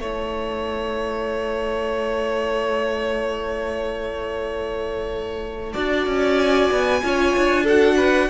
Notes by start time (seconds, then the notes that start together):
0.00 A3 E4 C#5 A5
5.73 D4 F#4 D5
6.07 C#4
6.38 G#5
6.71 B3
7.03 C#4 F4 C#5
7.37 D4
7.64 F#4 A4 F#5
7.97 B4